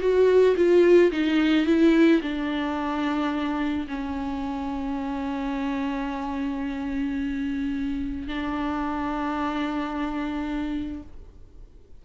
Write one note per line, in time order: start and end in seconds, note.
0.00 0.55 F#4
0.56 1.11 F4
1.11 1.66 D#4
1.66 2.21 E4
2.21 3.87 D4
3.87 8.27 C#4
8.27 11.02 D4